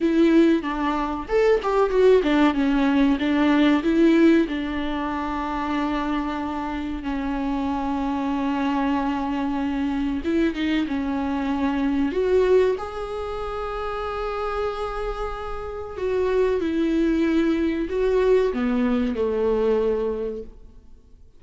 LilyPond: \new Staff \with { instrumentName = "viola" } { \time 4/4 \tempo 4 = 94 e'4 d'4 a'8 g'8 fis'8 d'8 | cis'4 d'4 e'4 d'4~ | d'2. cis'4~ | cis'1 |
e'8 dis'8 cis'2 fis'4 | gis'1~ | gis'4 fis'4 e'2 | fis'4 b4 a2 | }